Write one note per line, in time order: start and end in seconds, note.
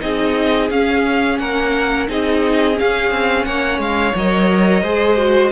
0.00 0.70 C4
0.00 0.69 D#4
0.00 1.41 G#4
0.00 0.70 D#5
0.70 1.39 C#4
0.70 2.08 C#4
0.70 1.39 F5
1.39 2.08 A#3
1.39 2.09 A#4
1.39 2.08 F#5
2.08 2.78 C4
2.08 2.74 D#4
2.08 3.47 G#4
2.08 2.79 D#5
2.74 4.12 C#4
2.74 3.45 F5
2.81 3.11 C#4
3.11 3.46 C4
3.45 3.79 A#3
3.45 4.83 C#5
3.45 3.80 F#5
3.79 4.13 G#3
3.79 4.16 F5
4.15 4.83 F#3
4.15 4.84 A#4
4.15 5.52 D#5
4.83 5.52 G#3
4.83 5.17 G#4
4.83 5.52 C5
5.17 5.52 F#4